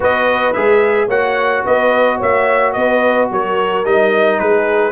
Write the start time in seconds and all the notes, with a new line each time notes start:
0.00 B3 F#4 B4 D#5
0.53 G#3 G#4 E5
1.07 A#3 F#4 C#5 F#5
1.65 B3 B4 D#5
2.17 A#3 C#5 E5
2.72 B3 B4 D#5
3.30 F#3 A#4 C#5
3.84 G3 D#4 D#5
4.39 G#3 G#4 B4